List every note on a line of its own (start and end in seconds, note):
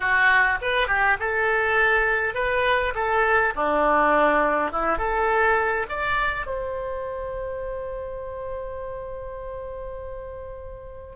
0.00 0.58 F#4
0.61 0.87 B4
0.87 1.17 G4
1.19 2.34 A4
2.34 2.93 B4
2.94 3.53 A4
3.55 4.71 D4
4.71 4.98 E4
4.98 5.86 A4
5.89 6.46 D5
6.46 11.16 C5